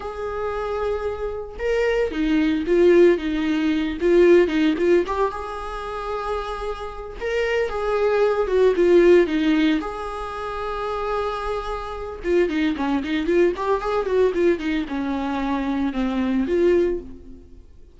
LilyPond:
\new Staff \with { instrumentName = "viola" } { \time 4/4 \tempo 4 = 113 gis'2. ais'4 | dis'4 f'4 dis'4. f'8~ | f'8 dis'8 f'8 g'8 gis'2~ | gis'4. ais'4 gis'4. |
fis'8 f'4 dis'4 gis'4.~ | gis'2. f'8 dis'8 | cis'8 dis'8 f'8 g'8 gis'8 fis'8 f'8 dis'8 | cis'2 c'4 f'4 | }